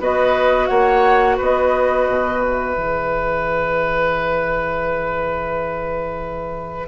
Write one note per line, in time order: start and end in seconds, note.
0.00 0.69 B3
0.00 2.76 F#4
0.00 0.69 B4
0.00 0.67 D#5
0.67 1.39 A#3
0.67 1.37 C#5
0.67 1.36 F#5
1.37 2.08 B3
1.37 6.88 B4
1.37 2.43 D#5
2.08 2.76 B2
2.43 6.88 E5
2.76 6.88 E3
2.76 6.88 G#4